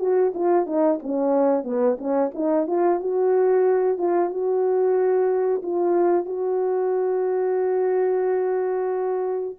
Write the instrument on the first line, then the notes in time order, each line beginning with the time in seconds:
horn
0.00 F#4
0.35 F4
0.67 D#4
1.03 C#4
1.64 B3
1.99 C#4
2.35 D#4
2.68 F4
3.00 F#4
3.98 F4
4.30 F#4
5.63 F4
6.26 F#4